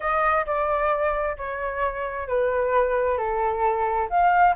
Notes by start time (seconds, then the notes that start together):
0.00 D#5
0.45 D5
1.37 C#5
2.28 B4
3.17 A4
4.09 F5